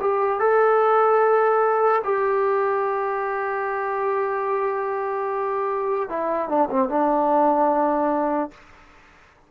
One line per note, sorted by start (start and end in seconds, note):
0.00 0.40 G4
0.40 2.02 A4
2.04 6.10 G4
6.10 6.49 E4
6.49 6.69 D4
6.70 6.89 C4
6.89 8.51 D4